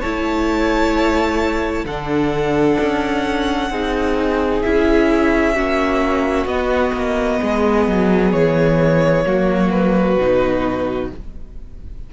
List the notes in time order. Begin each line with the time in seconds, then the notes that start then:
0.00 A3 E4 C#5 A5
1.84 D3 D4 A4 F#5
2.80 C#4
3.70 C4 D#4 G#4
4.62 C#4 E4 E5
5.55 A#3 C#4 F#4
6.45 B3 D#5
6.93 A#3
7.40 G#3 G#4
7.87 F#3
8.32 E3 C#5
9.25 F#3 A#3 F#4
9.70 B4
10.17 B2 D#4